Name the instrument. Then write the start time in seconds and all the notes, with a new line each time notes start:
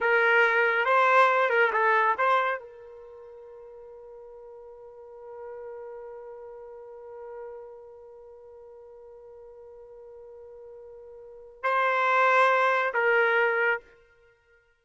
trumpet
0.00 A#4
0.85 C5
1.49 A#4
1.72 A4
2.18 C5
2.59 A#4
11.63 C5
12.94 A#4